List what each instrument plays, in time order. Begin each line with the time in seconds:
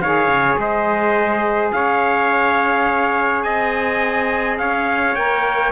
0.00 cello D#3, saxophone G#4, trumpet C#5 F5
0.27 cello C#3
0.57 cello G#3, trumpet C5 D#5
1.72 cello C#4, trumpet C#5 F5
3.42 cello C4, trumpet D#5 G#5
4.57 cello C#4, trumpet C#5 F5
5.15 cello A#3, saxophone A#4, trumpet G5